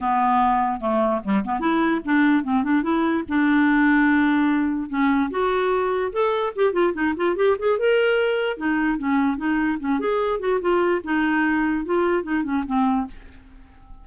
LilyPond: \new Staff \with { instrumentName = "clarinet" } { \time 4/4 \tempo 4 = 147 b2 a4 g8 b8 | e'4 d'4 c'8 d'8 e'4 | d'1 | cis'4 fis'2 a'4 |
g'8 f'8 dis'8 f'8 g'8 gis'8 ais'4~ | ais'4 dis'4 cis'4 dis'4 | cis'8 gis'4 fis'8 f'4 dis'4~ | dis'4 f'4 dis'8 cis'8 c'4 | }